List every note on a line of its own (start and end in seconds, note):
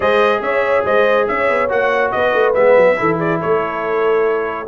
0.00 0.40 G#3
0.00 1.68 G#4
0.00 0.42 C5
0.00 0.42 D#5
0.40 0.83 C#4
0.40 0.85 C#5
0.40 0.84 E5
0.85 1.27 G#3
0.85 1.27 C5
0.85 1.27 D#5
1.27 1.49 C#4
1.27 2.13 C#5
1.27 1.70 E5
1.49 1.70 B3
1.68 2.12 A#3
1.68 2.53 F#4
1.68 2.11 F#5
2.11 2.33 B3
2.11 2.98 B4
2.11 2.53 D#5
2.33 2.54 A3
2.54 2.76 G#3
2.54 2.96 B3
2.54 3.18 E5
2.76 2.97 F#3
2.96 3.42 E3
2.96 4.66 E4
2.96 3.17 A4
3.17 3.38 G#4
3.17 3.40 D5
3.39 4.67 A3
3.39 4.66 A4
3.39 4.67 C#5